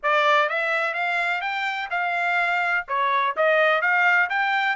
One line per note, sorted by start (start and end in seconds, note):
0.03 0.49 D5
0.49 0.94 E5
0.94 1.41 F5
1.41 1.88 G5
1.90 2.85 F5
2.87 3.35 C#5
3.36 3.81 D#5
3.81 4.29 F5
4.29 4.76 G5